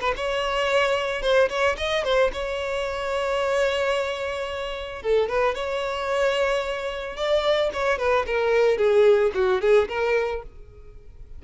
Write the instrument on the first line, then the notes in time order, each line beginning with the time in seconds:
violin
0.00 B4
0.16 C#5
1.22 C5
1.49 C#5
1.77 D#5
2.04 C5
2.32 C#5
5.02 A4
5.28 B4
5.55 C#5
7.16 D5
7.73 C#5
7.98 B4
8.26 A#4
8.77 G#4
9.34 F#4
9.61 G#4
9.88 A#4